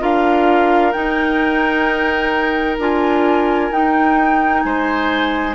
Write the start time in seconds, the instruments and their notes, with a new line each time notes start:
0.00 bassoon D4, clarinet F4, oboe A#4, flute F5
0.92 clarinet D#4, bassoon D#4, flute G5
2.78 bassoon D4, clarinet F4, flute G#5
3.70 bassoon D#4, clarinet D#4, flute G5
4.62 bassoon G#3, oboe C5, flute G#5